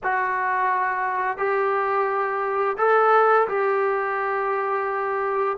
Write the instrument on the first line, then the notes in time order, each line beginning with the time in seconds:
trombone
0.03 F#4
1.37 G4
2.77 A4
3.48 G4